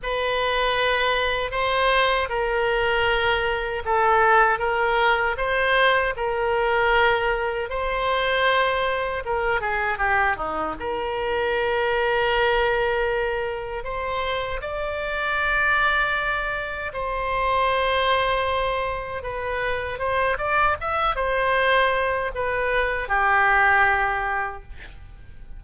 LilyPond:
\new Staff \with { instrumentName = "oboe" } { \time 4/4 \tempo 4 = 78 b'2 c''4 ais'4~ | ais'4 a'4 ais'4 c''4 | ais'2 c''2 | ais'8 gis'8 g'8 dis'8 ais'2~ |
ais'2 c''4 d''4~ | d''2 c''2~ | c''4 b'4 c''8 d''8 e''8 c''8~ | c''4 b'4 g'2 | }